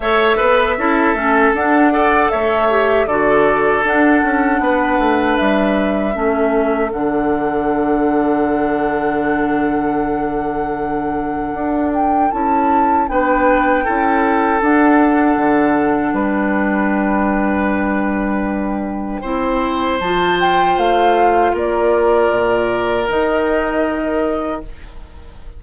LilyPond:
<<
  \new Staff \with { instrumentName = "flute" } { \time 4/4 \tempo 4 = 78 e''2 fis''4 e''4 | d''4 fis''2 e''4~ | e''4 fis''2.~ | fis''2.~ fis''8 g''8 |
a''4 g''2 fis''4~ | fis''4 g''2.~ | g''2 a''8 g''8 f''4 | d''2 dis''2 | }
  \new Staff \with { instrumentName = "oboe" } { \time 4/4 cis''8 b'8 a'4. d''8 cis''4 | a'2 b'2 | a'1~ | a'1~ |
a'4 b'4 a'2~ | a'4 b'2.~ | b'4 c''2. | ais'1 | }
  \new Staff \with { instrumentName = "clarinet" } { \time 4/4 a'4 e'8 cis'8 d'8 a'4 g'8 | fis'4 d'2. | cis'4 d'2.~ | d'1 |
e'4 d'4 e'4 d'4~ | d'1~ | d'4 e'4 f'2~ | f'2 dis'2 | }
  \new Staff \with { instrumentName = "bassoon" } { \time 4/4 a8 b8 cis'8 a8 d'4 a4 | d4 d'8 cis'8 b8 a8 g4 | a4 d2.~ | d2. d'4 |
cis'4 b4 cis'4 d'4 | d4 g2.~ | g4 c'4 f4 a4 | ais4 ais,4 dis2 | }
>>